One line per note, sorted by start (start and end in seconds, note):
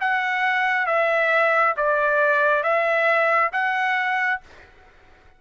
0.00 0.86 F#5
0.86 1.74 E5
1.76 2.63 D5
2.63 3.51 E5
3.52 4.40 F#5